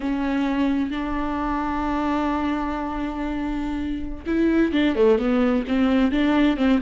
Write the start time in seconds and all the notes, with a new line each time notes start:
0.00 C#4
0.90 D4
4.26 E4
4.72 D4
4.95 A3
5.18 B3
5.67 C4
6.11 D4
6.56 C4